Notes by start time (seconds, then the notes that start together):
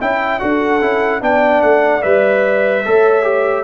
0.00 C#4 E4 E5 G5
0.39 D4 F#4 A4 F#5
0.81 C#4 E4
1.21 B3 D4 D5 G5
1.62 A3 F#5
2.02 G3 B4 E5
2.85 A3 A4 C#5
3.23 G4